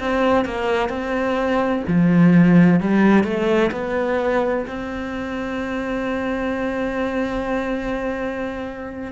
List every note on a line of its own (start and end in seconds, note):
0.00 0.46 C4
0.46 0.89 A#3
0.89 1.83 C4
1.88 2.81 F3
2.81 3.24 G3
3.24 3.71 A3
3.72 4.66 B3
4.67 9.12 C4